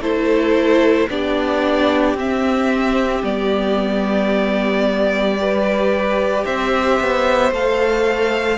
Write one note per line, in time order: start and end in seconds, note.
0.00 1.07 A3
0.00 1.09 E4
0.00 1.08 A4
0.00 1.09 C5
1.09 2.14 B3
1.09 2.17 D4
1.09 5.40 G4
1.09 2.17 D5
2.14 3.21 C4
2.14 3.23 C4
2.14 3.24 E5
3.23 6.44 G3
3.23 5.37 B3
3.23 6.45 D5
5.38 7.52 G4
5.38 6.44 B4
6.44 7.00 C4
6.44 8.57 C5
6.44 7.52 E5
7.00 7.51 B3
7.51 8.57 A3
7.51 8.57 A4
7.51 8.57 F5